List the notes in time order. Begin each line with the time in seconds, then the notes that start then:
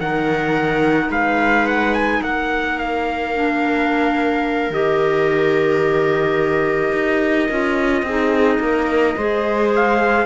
0.00 D#3 D#4 A#4 F#5
1.09 G#3 B4 F5
1.67 F#5
1.94 G#5
2.22 A#3 A#4 F#5
2.78 F5
3.34 D4
4.70 D#3 G4 D#5
6.93 D#4
7.50 C#4 F4
8.03 C4 D#4 G#4
8.60 A#3 A#4
9.17 G#3 G#4 C5
9.76 F5